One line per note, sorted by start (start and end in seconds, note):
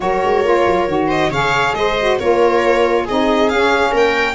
0.00 0.23 F#3
0.00 0.44 F#4
0.00 1.07 A#4
0.00 1.10 C#5
0.23 0.44 G#3
0.44 0.66 A#3
0.44 0.87 F4
0.66 0.88 F#3
0.87 1.30 D#3
0.87 1.31 F#4
1.07 1.29 C5
1.07 1.32 D#5
1.30 1.73 C#3
1.30 1.98 G#4
1.30 1.74 C#5
1.30 1.74 F5
1.73 2.17 G#3
1.73 2.19 C5
1.73 2.18 D#5
1.99 2.20 F#4
2.19 3.07 A#3
2.19 3.07 F4
2.19 3.04 A#4
2.19 3.06 C#5
3.04 3.51 C4
3.04 3.51 D#4
3.04 3.91 G#4
3.04 3.49 D#5
3.49 3.93 C#4
3.49 4.34 C#4
3.49 3.93 F5
3.91 4.34 A#3
3.91 4.34 A#4
3.91 4.34 G5